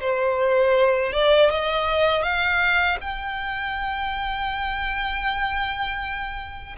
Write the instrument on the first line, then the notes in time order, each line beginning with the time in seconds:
violin
0.00 C5
1.12 D5
1.50 D#5
2.22 F5
3.01 G5